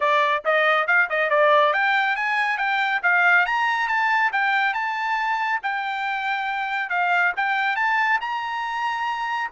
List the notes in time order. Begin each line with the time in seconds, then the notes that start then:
0.00 D5
0.44 D#5
0.87 F5
1.09 D#5
1.29 D5
1.73 G5
2.15 G#5
2.57 G5
3.03 F5
3.46 A#5
3.88 A5
4.32 G5
4.73 A5
5.62 G5
6.89 F5
7.36 G5
7.76 A5
8.20 A#5